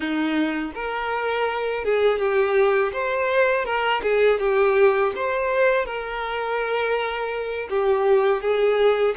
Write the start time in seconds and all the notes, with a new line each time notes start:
0.00 D#4
0.75 A#4
1.84 G#4
2.18 G4
2.92 C5
3.65 A#4
4.02 G#4
4.39 G4
5.15 C5
5.85 A#4
7.69 G4
8.41 G#4